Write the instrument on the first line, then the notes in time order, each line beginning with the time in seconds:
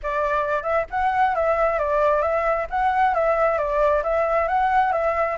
flute
0.02 D5
0.62 E5
0.90 F#5
1.35 E5
1.78 D5
2.22 E5
2.69 F#5
3.14 E5
3.58 D5
4.03 E5
4.48 F#5
4.92 E5